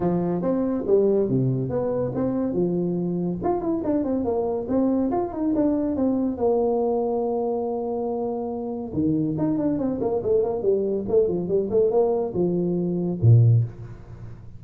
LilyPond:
\new Staff \with { instrumentName = "tuba" } { \time 4/4 \tempo 4 = 141 f4 c'4 g4 c4 | b4 c'4 f2 | f'8 e'8 d'8 c'8 ais4 c'4 | f'8 dis'8 d'4 c'4 ais4~ |
ais1~ | ais4 dis4 dis'8 d'8 c'8 ais8 | a8 ais8 g4 a8 f8 g8 a8 | ais4 f2 ais,4 | }